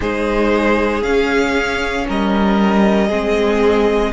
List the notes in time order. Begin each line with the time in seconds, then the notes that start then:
0.00 G#3 D#4 G#4 C5
1.02 C#4 F5
2.07 G3 A#4 D#5
3.08 G#3 C4 G#4